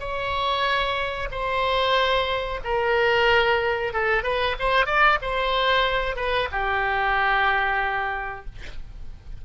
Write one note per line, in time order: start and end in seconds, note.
0.00 1.29 C#5
1.32 2.61 C5
2.65 3.94 A#4
3.94 4.24 A4
4.24 4.56 B4
4.60 4.87 C5
4.87 5.19 D5
5.22 6.16 C5
6.16 6.49 B4
6.52 8.46 G4